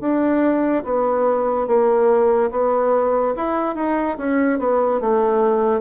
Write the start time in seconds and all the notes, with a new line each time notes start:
0.00 D4
0.83 B3
1.67 A#3
2.50 B3
3.35 E4
3.75 D#4
4.17 C#4
4.58 B3
5.00 A3